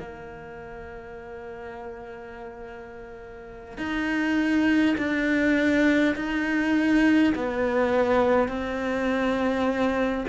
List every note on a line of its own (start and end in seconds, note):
0.00 3.78 A#3
3.78 4.96 D#4
4.98 6.16 D4
6.16 7.34 D#4
7.35 8.49 B3
8.49 10.25 C4